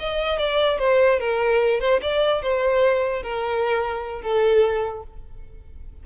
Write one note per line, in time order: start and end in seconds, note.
0.00 0.39 D#5
0.39 0.79 D5
0.79 1.20 C5
1.20 1.81 A#4
1.81 2.01 C5
2.02 2.43 D5
2.43 3.23 C5
3.23 4.22 A#4
4.22 5.03 A4